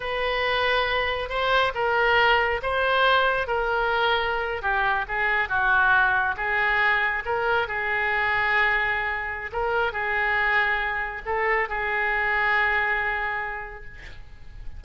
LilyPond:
\new Staff \with { instrumentName = "oboe" } { \time 4/4 \tempo 4 = 139 b'2. c''4 | ais'2 c''2 | ais'2~ ais'8. g'4 gis'16~ | gis'8. fis'2 gis'4~ gis'16~ |
gis'8. ais'4 gis'2~ gis'16~ | gis'2 ais'4 gis'4~ | gis'2 a'4 gis'4~ | gis'1 | }